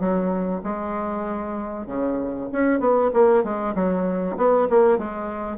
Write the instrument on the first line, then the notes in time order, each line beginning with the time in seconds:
bassoon
0.00 F#3
0.64 G#3
1.87 C#3
2.52 C#4
2.80 B3
3.13 A#3
3.44 G#3
3.75 F#3
4.37 B3
4.70 A#3
4.98 G#3